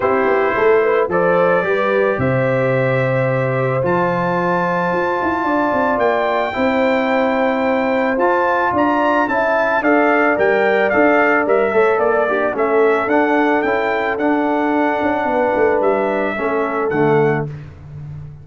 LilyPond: <<
  \new Staff \with { instrumentName = "trumpet" } { \time 4/4 \tempo 4 = 110 c''2 d''2 | e''2. a''4~ | a''2. g''4~ | g''2. a''4 |
ais''4 a''4 f''4 g''4 | f''4 e''4 d''4 e''4 | fis''4 g''4 fis''2~ | fis''4 e''2 fis''4 | }
  \new Staff \with { instrumentName = "horn" } { \time 4/4 g'4 a'8 b'8 c''4 b'4 | c''1~ | c''2 d''2 | c''1 |
d''4 e''4 d''2~ | d''4. cis''8 d''8 d'8 a'4~ | a'1 | b'2 a'2 | }
  \new Staff \with { instrumentName = "trombone" } { \time 4/4 e'2 a'4 g'4~ | g'2. f'4~ | f'1 | e'2. f'4~ |
f'4 e'4 a'4 ais'4 | a'4 ais'8 a'4 g'8 cis'4 | d'4 e'4 d'2~ | d'2 cis'4 a4 | }
  \new Staff \with { instrumentName = "tuba" } { \time 4/4 c'8 b8 a4 f4 g4 | c2. f4~ | f4 f'8 e'8 d'8 c'8 ais4 | c'2. f'4 |
d'4 cis'4 d'4 g4 | d'4 g8 a8 ais4 a4 | d'4 cis'4 d'4. cis'8 | b8 a8 g4 a4 d4 | }
>>